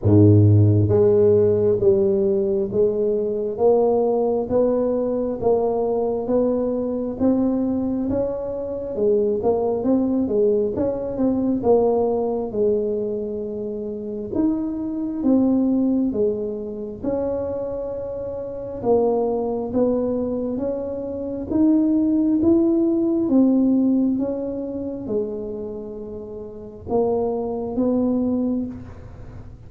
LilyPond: \new Staff \with { instrumentName = "tuba" } { \time 4/4 \tempo 4 = 67 gis,4 gis4 g4 gis4 | ais4 b4 ais4 b4 | c'4 cis'4 gis8 ais8 c'8 gis8 | cis'8 c'8 ais4 gis2 |
dis'4 c'4 gis4 cis'4~ | cis'4 ais4 b4 cis'4 | dis'4 e'4 c'4 cis'4 | gis2 ais4 b4 | }